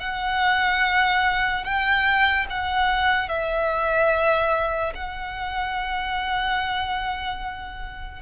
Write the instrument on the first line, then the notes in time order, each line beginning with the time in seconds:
violin
0.00 F#5
1.64 G5
2.50 F#5
3.28 E5
4.95 F#5